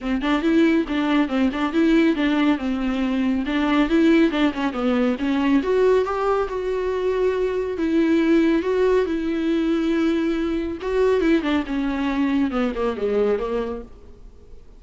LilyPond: \new Staff \with { instrumentName = "viola" } { \time 4/4 \tempo 4 = 139 c'8 d'8 e'4 d'4 c'8 d'8 | e'4 d'4 c'2 | d'4 e'4 d'8 cis'8 b4 | cis'4 fis'4 g'4 fis'4~ |
fis'2 e'2 | fis'4 e'2.~ | e'4 fis'4 e'8 d'8 cis'4~ | cis'4 b8 ais8 gis4 ais4 | }